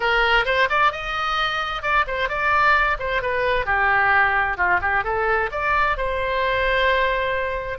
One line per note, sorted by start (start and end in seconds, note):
0.00 0.45 A#4
0.45 0.68 C5
0.69 0.92 D5
0.92 1.82 D#5
1.82 2.05 D5
2.07 2.28 C5
2.28 2.97 D5
2.99 3.22 C5
3.22 3.65 B4
3.65 4.57 G4
4.57 4.80 F4
4.81 5.04 G4
5.04 5.50 A4
5.51 5.97 D5
5.97 7.78 C5